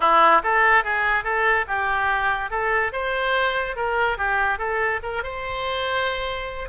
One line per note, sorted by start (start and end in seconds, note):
0.00 0.41 E4
0.43 0.84 A4
0.84 1.24 G#4
1.24 1.65 A4
1.67 2.50 G4
2.50 2.92 A4
2.92 3.75 C5
3.76 4.17 A#4
4.17 4.58 G4
4.58 4.99 A4
5.02 5.23 A#4
5.23 6.69 C5